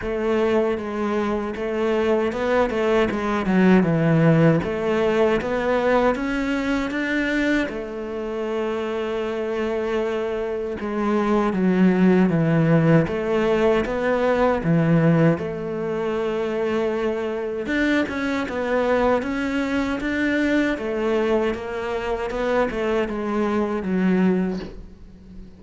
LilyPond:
\new Staff \with { instrumentName = "cello" } { \time 4/4 \tempo 4 = 78 a4 gis4 a4 b8 a8 | gis8 fis8 e4 a4 b4 | cis'4 d'4 a2~ | a2 gis4 fis4 |
e4 a4 b4 e4 | a2. d'8 cis'8 | b4 cis'4 d'4 a4 | ais4 b8 a8 gis4 fis4 | }